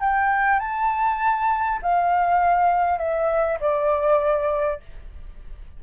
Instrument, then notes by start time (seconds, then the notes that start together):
flute
0.00 G5
0.59 A5
1.82 F5
2.98 E5
3.61 D5